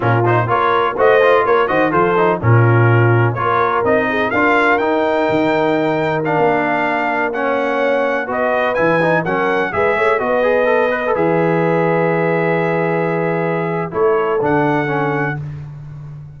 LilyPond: <<
  \new Staff \with { instrumentName = "trumpet" } { \time 4/4 \tempo 4 = 125 ais'8 c''8 cis''4 dis''4 cis''8 dis''8 | c''4 ais'2 cis''4 | dis''4 f''4 g''2~ | g''4 f''2~ f''16 fis''8.~ |
fis''4~ fis''16 dis''4 gis''4 fis''8.~ | fis''16 e''4 dis''2 e''8.~ | e''1~ | e''4 cis''4 fis''2 | }
  \new Staff \with { instrumentName = "horn" } { \time 4/4 f'4 ais'4 c''4 ais'8 c''8 | a'4 f'2 ais'4~ | ais'8 gis'8 ais'2.~ | ais'2.~ ais'16 cis''8.~ |
cis''4~ cis''16 b'2 ais'8.~ | ais'16 b'8 cis''8 b'2~ b'8.~ | b'1~ | b'4 a'2. | }
  \new Staff \with { instrumentName = "trombone" } { \time 4/4 cis'8 dis'8 f'4 fis'8 f'4 fis'8 | f'8 dis'8 cis'2 f'4 | dis'4 f'4 dis'2~ | dis'4 d'2~ d'16 cis'8.~ |
cis'4~ cis'16 fis'4 e'8 dis'8 cis'8.~ | cis'16 gis'4 fis'8 gis'8 a'8 b'16 a'16 gis'8.~ | gis'1~ | gis'4 e'4 d'4 cis'4 | }
  \new Staff \with { instrumentName = "tuba" } { \time 4/4 ais,4 ais4 a4 ais8 dis8 | f4 ais,2 ais4 | c'4 d'4 dis'4 dis4~ | dis4~ dis16 ais2~ ais8.~ |
ais4~ ais16 b4 e4 fis8.~ | fis16 gis8 a8 b2 e8.~ | e1~ | e4 a4 d2 | }
>>